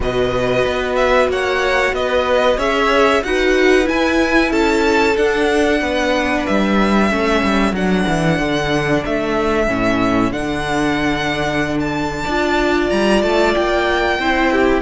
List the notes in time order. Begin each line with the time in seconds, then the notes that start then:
0.00 B2 F#4 B4 D#5
0.65 B3
0.95 E5
1.28 A#3 C#5 F#5
1.92 B3 B4 D#5
2.57 C#4 G#4 C#5 E5
3.23 D#4 F#4 B4 F#5
3.84 E4 G#5
4.51 C#4 A4 A5
5.16 D4 F#5
5.81 B3 B4
6.45 G3 E5
7.09 A3 C#4 A4
7.43 G3
7.72 F#3 D4 F#5
8.08 E3
8.39 D3
9.05 A3 E5
9.67 A2 C#4
10.31 D3 D4 F#5
11.79 A5
12.23 D4 F4 D5
12.89 G3 A#5
13.22 A3 A5
13.54 A#3 G5
14.19 C4 E4 C5
14.52 G4